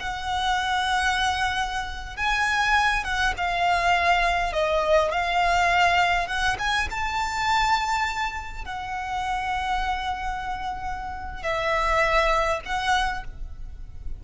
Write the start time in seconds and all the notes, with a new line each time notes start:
0.00 F#5
2.17 G#5
3.05 F#5
3.37 F5
4.53 D#5
5.12 F5
6.27 F#5
6.59 G#5
6.91 A5
8.65 F#5
11.43 E5
12.66 F#5